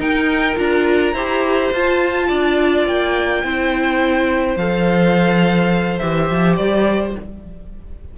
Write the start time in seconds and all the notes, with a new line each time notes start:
0.00 D#4 A#4 G5
0.56 D4 F4 A#5
1.14 E4 G4 C5
1.73 F4 A5
2.28 D4 D5
2.87 A#3 G5
3.44 C4 E4 C5
4.56 F3 A4 F5
5.99 E3 G4 E5
6.31 F3
6.57 G3 D5